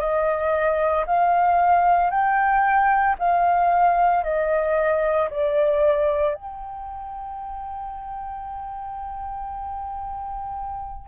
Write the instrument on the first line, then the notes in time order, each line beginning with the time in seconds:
flute
0.00 D#5
1.07 F5
2.11 G5
3.19 F5
4.24 D#5
5.30 D5
6.34 G5